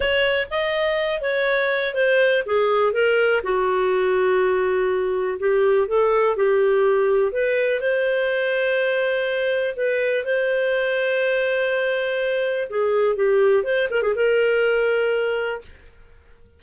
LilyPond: \new Staff \with { instrumentName = "clarinet" } { \time 4/4 \tempo 4 = 123 cis''4 dis''4. cis''4. | c''4 gis'4 ais'4 fis'4~ | fis'2. g'4 | a'4 g'2 b'4 |
c''1 | b'4 c''2.~ | c''2 gis'4 g'4 | c''8 ais'16 gis'16 ais'2. | }